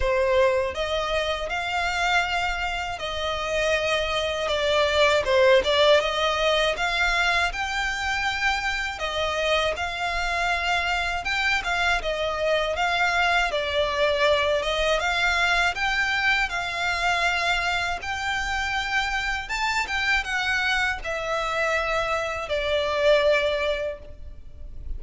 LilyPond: \new Staff \with { instrumentName = "violin" } { \time 4/4 \tempo 4 = 80 c''4 dis''4 f''2 | dis''2 d''4 c''8 d''8 | dis''4 f''4 g''2 | dis''4 f''2 g''8 f''8 |
dis''4 f''4 d''4. dis''8 | f''4 g''4 f''2 | g''2 a''8 g''8 fis''4 | e''2 d''2 | }